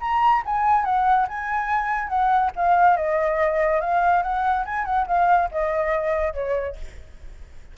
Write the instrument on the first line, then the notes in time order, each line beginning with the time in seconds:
flute
0.00 A#5
0.45 G#5
0.85 F#5
1.28 G#5
2.08 F#5
2.56 F5
2.96 D#5
3.80 F5
4.23 F#5
4.65 G#5
4.85 F#5
5.07 F5
5.51 D#5
6.33 C#5